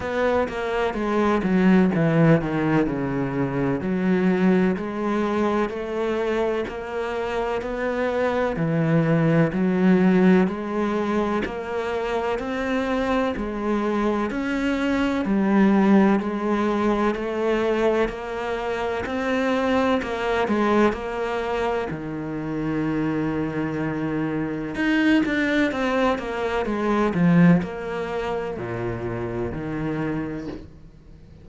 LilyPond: \new Staff \with { instrumentName = "cello" } { \time 4/4 \tempo 4 = 63 b8 ais8 gis8 fis8 e8 dis8 cis4 | fis4 gis4 a4 ais4 | b4 e4 fis4 gis4 | ais4 c'4 gis4 cis'4 |
g4 gis4 a4 ais4 | c'4 ais8 gis8 ais4 dis4~ | dis2 dis'8 d'8 c'8 ais8 | gis8 f8 ais4 ais,4 dis4 | }